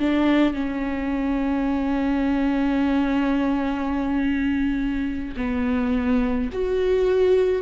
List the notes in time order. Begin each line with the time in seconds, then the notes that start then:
0.00 D4
0.54 C#4
5.37 B3
6.53 F#4